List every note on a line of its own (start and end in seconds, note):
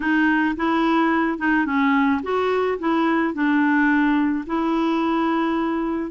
0.00 0.55 D#4
0.56 1.38 E4
1.38 1.65 D#4
1.65 2.21 C#4
2.22 2.78 F#4
2.79 3.33 E4
3.33 4.44 D4
4.46 6.11 E4